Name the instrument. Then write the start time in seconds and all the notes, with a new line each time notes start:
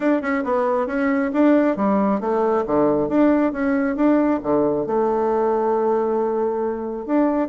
bassoon
0.00 D4
0.21 C#4
0.44 B3
0.86 C#4
1.33 D4
1.76 G3
2.20 A3
2.66 D3
3.08 D4
3.52 C#4
3.96 D4
4.42 D3
4.86 A3
7.05 D4